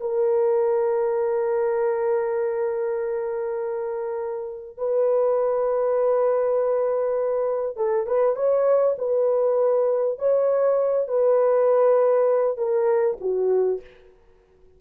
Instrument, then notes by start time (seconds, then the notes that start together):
horn
0.00 A#4
4.77 B4
7.77 A4
8.07 B4
8.36 C#5
8.98 B4
10.18 C#5
11.08 B4
12.57 A#4
13.20 F#4